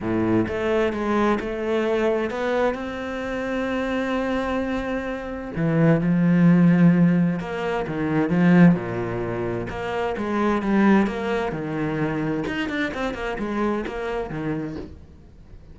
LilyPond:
\new Staff \with { instrumentName = "cello" } { \time 4/4 \tempo 4 = 130 a,4 a4 gis4 a4~ | a4 b4 c'2~ | c'1 | e4 f2. |
ais4 dis4 f4 ais,4~ | ais,4 ais4 gis4 g4 | ais4 dis2 dis'8 d'8 | c'8 ais8 gis4 ais4 dis4 | }